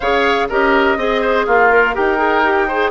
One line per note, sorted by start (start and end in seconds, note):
0.00 0.49 C#3
0.00 0.50 G#4
0.00 0.47 C#5
0.00 0.49 F5
0.48 0.96 C#4
0.48 0.98 G4
0.48 0.97 A#4
0.48 1.46 D#5
0.96 1.45 C4
0.96 1.70 G#4
0.96 1.21 D#5
1.21 1.46 C5
1.46 1.95 A#3
1.46 1.94 F4
1.46 1.94 F5
1.70 1.94 A#4
1.94 2.91 D#4
1.94 2.17 G4
1.94 2.67 A#4
1.94 2.91 G5
2.17 2.42 G#4
2.44 2.68 G4
2.67 2.91 G#4
2.67 2.91 C5